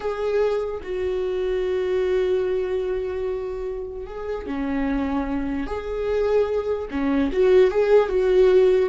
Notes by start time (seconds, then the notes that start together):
0.00 G#4
0.82 F#4
4.06 G#4
4.46 C#4
5.66 G#4
6.90 C#4
7.32 F#4
7.70 G#4
8.08 F#4